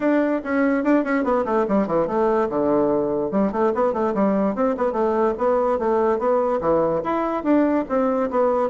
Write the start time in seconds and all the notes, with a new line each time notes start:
0.00 D4
0.43 C#4
0.84 D4
1.04 C#4
1.24 B3
1.45 A3
1.68 G3
1.87 E3
2.07 A3
2.49 D3
3.31 G3
3.52 A3
3.74 B3
3.93 A3
4.14 G3
4.55 C4
4.77 B3
4.92 A3
5.38 B3
5.78 A3
6.18 B3
6.60 E3
7.03 E4
7.43 D4
7.88 C4
8.30 B3